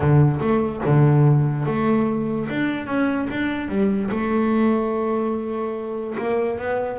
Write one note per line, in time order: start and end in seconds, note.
0.00 0.39 D3
0.40 0.81 A3
0.85 1.65 D3
1.65 2.48 A3
2.49 2.86 D4
2.86 3.27 C#4
3.30 3.69 D4
3.69 4.10 G3
4.11 6.16 A3
6.18 6.58 A#3
6.58 6.98 B3